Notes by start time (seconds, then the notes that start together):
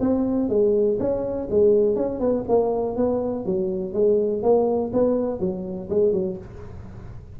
0.00 C4
0.49 G#3
0.99 C#4
1.50 G#3
1.95 C#4
2.20 B3
2.48 A#3
2.96 B3
3.45 F#3
3.93 G#3
4.42 A#3
4.93 B3
5.40 F#3
5.89 G#3
6.12 F#3